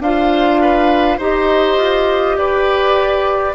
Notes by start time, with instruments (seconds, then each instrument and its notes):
0.00 bassoon D4, clarinet F4, oboe C5, flute F5
0.61 oboe B4
1.18 bassoon D#4, clarinet G4, oboe C5, flute D#5
1.78 bassoon F4
2.36 bassoon G4, oboe B4, flute D5